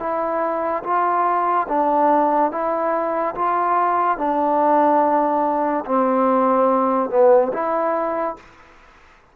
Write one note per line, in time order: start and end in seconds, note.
0.00 0.83 E4
0.84 1.67 F4
1.69 2.52 D4
2.52 3.35 E4
3.35 4.18 F4
4.18 5.85 D4
5.86 7.10 C4
7.10 7.52 B3
7.53 8.36 E4